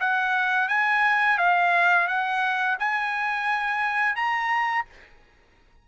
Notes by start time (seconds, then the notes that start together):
0.00 F#5
0.68 G#5
1.38 F5
2.07 F#5
2.79 G#5
4.15 A#5